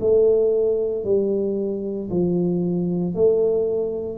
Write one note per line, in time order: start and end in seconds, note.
0.00 1.04 A3
1.04 2.10 G3
2.11 3.15 F3
3.15 4.18 A3